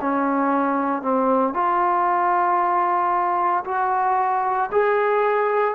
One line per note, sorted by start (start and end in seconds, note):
0.00 1.01 C#4
1.01 1.53 C4
1.53 3.64 F4
3.64 4.69 F#4
4.71 5.74 G#4